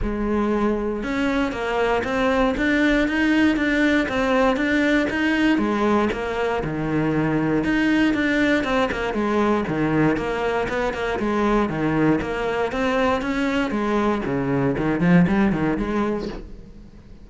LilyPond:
\new Staff \with { instrumentName = "cello" } { \time 4/4 \tempo 4 = 118 gis2 cis'4 ais4 | c'4 d'4 dis'4 d'4 | c'4 d'4 dis'4 gis4 | ais4 dis2 dis'4 |
d'4 c'8 ais8 gis4 dis4 | ais4 b8 ais8 gis4 dis4 | ais4 c'4 cis'4 gis4 | cis4 dis8 f8 g8 dis8 gis4 | }